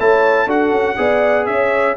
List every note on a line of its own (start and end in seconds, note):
0.00 0.47 A3
0.00 0.49 E4
0.00 0.46 C#5
0.00 0.50 A5
0.46 0.72 D4
0.46 0.97 F#4
0.46 0.96 A4
0.46 1.46 F#5
0.72 0.97 C#4
0.97 1.47 B3
0.97 1.97 G#4
0.97 1.48 D5
1.46 1.97 C#4
1.46 1.97 C#5
1.46 1.96 E5